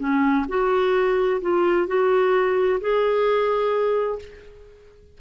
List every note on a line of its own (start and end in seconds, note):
0.00 0.46 C#4
0.49 1.41 F#4
1.42 1.88 F4
1.88 2.80 F#4
2.81 4.19 G#4